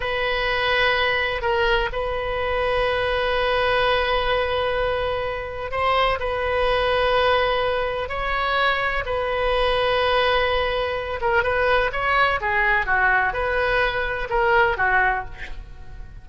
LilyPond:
\new Staff \with { instrumentName = "oboe" } { \time 4/4 \tempo 4 = 126 b'2. ais'4 | b'1~ | b'1 | c''4 b'2.~ |
b'4 cis''2 b'4~ | b'2.~ b'8 ais'8 | b'4 cis''4 gis'4 fis'4 | b'2 ais'4 fis'4 | }